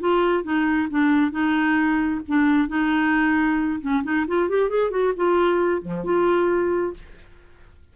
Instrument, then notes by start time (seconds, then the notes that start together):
clarinet
0.00 F4
0.44 D#4
0.90 D4
1.32 D#4
2.28 D4
2.68 D#4
3.81 C#4
4.04 D#4
4.27 F4
4.49 G4
4.70 G#4
4.91 F#4
5.16 F4
5.82 F3
6.04 F4